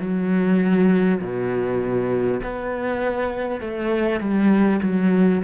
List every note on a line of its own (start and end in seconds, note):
0.00 1.20 F#3
1.21 2.41 B2
2.43 3.61 B3
3.61 4.21 A3
4.21 4.81 G3
4.83 5.43 F#3